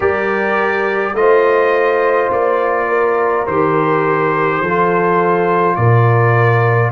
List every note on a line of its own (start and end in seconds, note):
0.00 1.13 G3
0.00 1.15 G4
0.00 1.14 A#4
0.00 1.15 D5
1.13 2.29 A3
1.13 3.47 F4
1.13 2.88 C5
1.13 2.30 D#5
2.30 3.46 A#3
2.30 3.46 D5
2.88 4.61 A#4
3.46 4.60 D#3
3.46 4.63 G4
3.46 5.75 C5
4.60 5.76 F3
4.60 6.92 F4
4.60 5.77 A4
5.75 6.92 A#2
5.75 6.92 A#4
5.75 6.91 D5